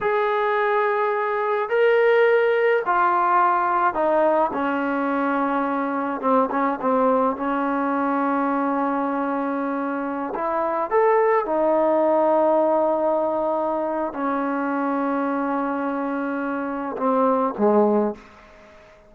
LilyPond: \new Staff \with { instrumentName = "trombone" } { \time 4/4 \tempo 4 = 106 gis'2. ais'4~ | ais'4 f'2 dis'4 | cis'2. c'8 cis'8 | c'4 cis'2.~ |
cis'2~ cis'16 e'4 a'8.~ | a'16 dis'2.~ dis'8.~ | dis'4 cis'2.~ | cis'2 c'4 gis4 | }